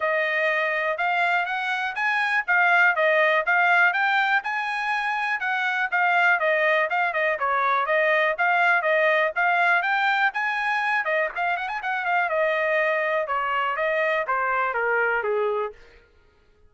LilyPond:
\new Staff \with { instrumentName = "trumpet" } { \time 4/4 \tempo 4 = 122 dis''2 f''4 fis''4 | gis''4 f''4 dis''4 f''4 | g''4 gis''2 fis''4 | f''4 dis''4 f''8 dis''8 cis''4 |
dis''4 f''4 dis''4 f''4 | g''4 gis''4. dis''8 f''8 fis''16 gis''16 | fis''8 f''8 dis''2 cis''4 | dis''4 c''4 ais'4 gis'4 | }